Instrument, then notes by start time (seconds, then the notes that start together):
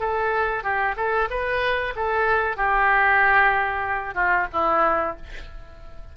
oboe
0.00 A4
0.64 G4
0.97 A4
1.30 B4
1.96 A4
2.57 G4
4.15 F4
4.53 E4